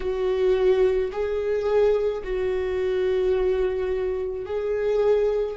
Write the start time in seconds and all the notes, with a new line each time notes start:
0.00 F#4
1.11 G#4
2.23 F#4
4.45 G#4